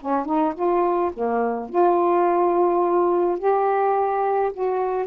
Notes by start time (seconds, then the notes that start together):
0.00 C#4
0.25 D#4
0.54 F4
1.13 A#3
1.69 F4
3.38 G4
4.53 F#4